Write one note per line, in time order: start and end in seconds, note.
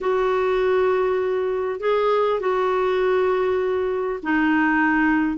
0.00 1.80 F#4
1.80 2.40 G#4
2.40 4.20 F#4
4.22 5.37 D#4